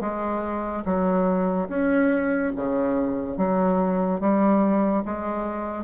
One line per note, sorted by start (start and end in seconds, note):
0.00 0.83 G#3
0.85 1.68 F#3
1.68 2.52 C#4
2.56 3.37 C#3
3.37 4.20 F#3
4.20 5.03 G3
5.05 5.84 G#3